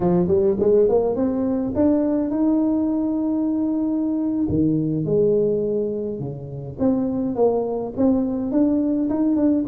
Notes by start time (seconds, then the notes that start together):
0.00 F3
0.27 G3
0.59 G#3
0.89 A#3
1.15 C4
1.75 D4
2.30 D#4
4.48 D#3
5.05 G#3
6.19 C#3
6.79 C4
7.35 A#3
7.96 C4
8.51 D4
9.09 D#4
9.35 D4